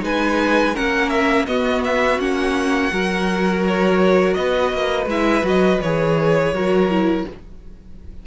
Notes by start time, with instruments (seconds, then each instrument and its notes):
0.00 cello G#3, viola D#4, violin B4 G#5
0.74 cello A#3, viola C#4, violin A#4 F#5
1.09 violin E5
1.45 viola B3, cello B3, violin F#4 D#5
1.84 violin E5
2.18 cello A#3, viola C#4, violin F#5
2.90 cello F#3, viola F#4, violin A#4
3.67 violin C#5
4.33 cello B3, violin B4 D#5
4.73 cello A#3
5.06 cello G#3, viola E4, violin E5
5.43 cello F#3, viola F#4, violin D#5
5.81 cello E3, viola G#4, violin C#5
6.52 cello F#3, viola F#4, violin A#4
6.90 viola E4